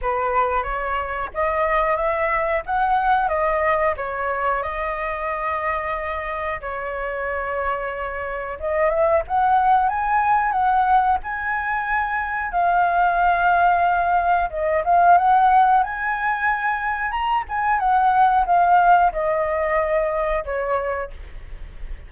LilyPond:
\new Staff \with { instrumentName = "flute" } { \time 4/4 \tempo 4 = 91 b'4 cis''4 dis''4 e''4 | fis''4 dis''4 cis''4 dis''4~ | dis''2 cis''2~ | cis''4 dis''8 e''8 fis''4 gis''4 |
fis''4 gis''2 f''4~ | f''2 dis''8 f''8 fis''4 | gis''2 ais''8 gis''8 fis''4 | f''4 dis''2 cis''4 | }